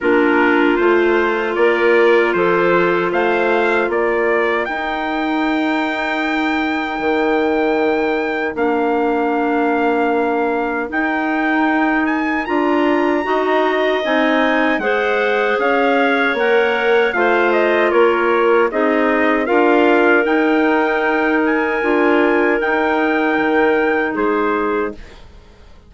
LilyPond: <<
  \new Staff \with { instrumentName = "trumpet" } { \time 4/4 \tempo 4 = 77 ais'4 c''4 d''4 c''4 | f''4 d''4 g''2~ | g''2. f''4~ | f''2 g''4. gis''8 |
ais''2 gis''4 fis''4 | f''4 fis''4 f''8 dis''8 cis''4 | dis''4 f''4 g''4. gis''8~ | gis''4 g''2 c''4 | }
  \new Staff \with { instrumentName = "clarinet" } { \time 4/4 f'2 ais'4 a'4 | c''4 ais'2.~ | ais'1~ | ais'1~ |
ais'4 dis''2 c''4 | cis''2 c''4 ais'4 | gis'4 ais'2.~ | ais'2. gis'4 | }
  \new Staff \with { instrumentName = "clarinet" } { \time 4/4 d'4 f'2.~ | f'2 dis'2~ | dis'2. d'4~ | d'2 dis'2 |
f'4 fis'4 dis'4 gis'4~ | gis'4 ais'4 f'2 | dis'4 f'4 dis'2 | f'4 dis'2. | }
  \new Staff \with { instrumentName = "bassoon" } { \time 4/4 ais4 a4 ais4 f4 | a4 ais4 dis'2~ | dis'4 dis2 ais4~ | ais2 dis'2 |
d'4 dis'4 c'4 gis4 | cis'4 ais4 a4 ais4 | c'4 d'4 dis'2 | d'4 dis'4 dis4 gis4 | }
>>